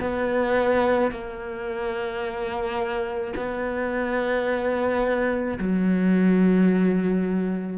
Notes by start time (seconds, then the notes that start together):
0.00 B3
1.11 A#3
3.35 B3
5.58 F#3